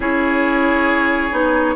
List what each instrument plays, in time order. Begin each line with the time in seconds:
0.00 bassoon C#4, clarinet E4, oboe G#4, flute C#5
1.31 bassoon B3, clarinet D#4